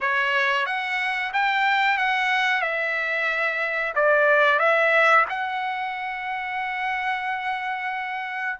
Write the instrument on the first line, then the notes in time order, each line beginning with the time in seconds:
trumpet
0.00 C#5
0.66 F#5
1.33 G5
1.97 F#5
2.61 E5
3.95 D5
4.59 E5
5.29 F#5